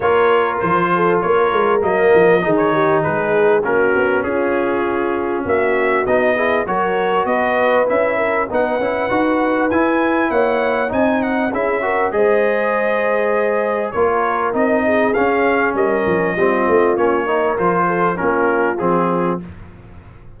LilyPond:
<<
  \new Staff \with { instrumentName = "trumpet" } { \time 4/4 \tempo 4 = 99 cis''4 c''4 cis''4 dis''4~ | dis''16 cis''8. b'4 ais'4 gis'4~ | gis'4 e''4 dis''4 cis''4 | dis''4 e''4 fis''2 |
gis''4 fis''4 gis''8 fis''8 e''4 | dis''2. cis''4 | dis''4 f''4 dis''2 | cis''4 c''4 ais'4 gis'4 | }
  \new Staff \with { instrumentName = "horn" } { \time 4/4 ais'4. a'8 ais'2 | gis'8 g'8 gis'4 fis'4 f'4~ | f'4 fis'4. gis'8 ais'4 | b'4. ais'8 b'2~ |
b'4 cis''4 dis''4 gis'8 ais'8 | c''2. ais'4~ | ais'8 gis'4. ais'4 f'4~ | f'8 ais'4 a'8 f'2 | }
  \new Staff \with { instrumentName = "trombone" } { \time 4/4 f'2. ais4 | dis'2 cis'2~ | cis'2 dis'8 e'8 fis'4~ | fis'4 e'4 dis'8 e'8 fis'4 |
e'2 dis'4 e'8 fis'8 | gis'2. f'4 | dis'4 cis'2 c'4 | cis'8 dis'8 f'4 cis'4 c'4 | }
  \new Staff \with { instrumentName = "tuba" } { \time 4/4 ais4 f4 ais8 gis8 fis8 f8 | dis4 gis4 ais8 b8 cis'4~ | cis'4 ais4 b4 fis4 | b4 cis'4 b8 cis'8 dis'4 |
e'4 ais4 c'4 cis'4 | gis2. ais4 | c'4 cis'4 g8 f8 g8 a8 | ais4 f4 ais4 f4 | }
>>